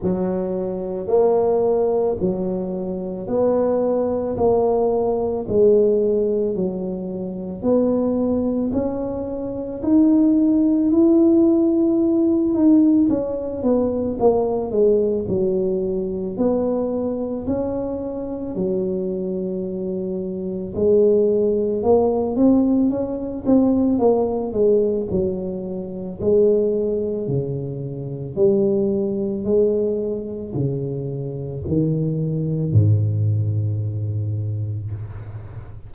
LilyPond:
\new Staff \with { instrumentName = "tuba" } { \time 4/4 \tempo 4 = 55 fis4 ais4 fis4 b4 | ais4 gis4 fis4 b4 | cis'4 dis'4 e'4. dis'8 | cis'8 b8 ais8 gis8 fis4 b4 |
cis'4 fis2 gis4 | ais8 c'8 cis'8 c'8 ais8 gis8 fis4 | gis4 cis4 g4 gis4 | cis4 dis4 gis,2 | }